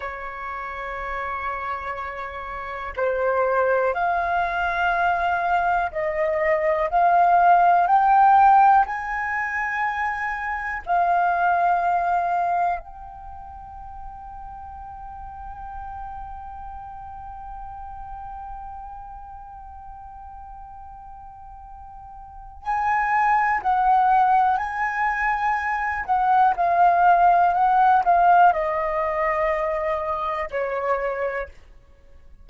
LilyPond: \new Staff \with { instrumentName = "flute" } { \time 4/4 \tempo 4 = 61 cis''2. c''4 | f''2 dis''4 f''4 | g''4 gis''2 f''4~ | f''4 g''2.~ |
g''1~ | g''2. gis''4 | fis''4 gis''4. fis''8 f''4 | fis''8 f''8 dis''2 cis''4 | }